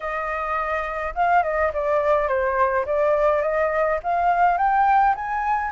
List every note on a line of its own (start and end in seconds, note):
0.00 1.14 D#5
1.14 1.43 F5
1.43 1.71 D#5
1.73 2.28 D5
2.28 2.85 C5
2.85 3.42 D5
3.42 3.99 D#5
4.03 4.57 F5
4.57 5.15 G5
5.15 5.71 G#5